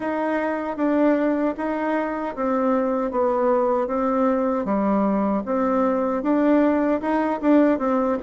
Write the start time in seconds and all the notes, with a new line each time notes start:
0.00 D#4
0.76 D4
1.57 D#4
2.35 C4
3.11 B3
3.87 C4
4.65 G3
5.45 C4
6.22 D4
7.01 D#4
7.41 D4
7.79 C4